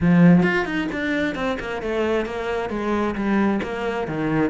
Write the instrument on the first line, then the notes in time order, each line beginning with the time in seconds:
cello
0.00 F3
0.42 F4
0.65 D#4
0.92 D4
1.35 C4
1.59 A#3
1.82 A3
2.25 A#3
2.69 G#3
3.15 G3
3.63 A#3
4.07 D#3